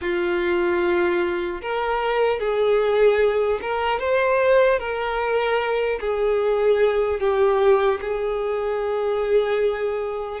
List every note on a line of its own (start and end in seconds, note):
0.01 1.61 F4
1.61 2.39 A#4
2.39 3.59 G#4
3.61 3.99 A#4
3.99 4.79 C5
4.79 5.99 A#4
6.00 7.20 G#4
7.20 8.00 G4
8.01 10.40 G#4